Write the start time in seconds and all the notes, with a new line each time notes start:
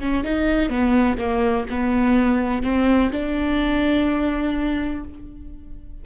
0.00 C#4
0.24 D#4
0.69 B3
1.18 A#3
1.70 B3
2.63 C4
3.12 D4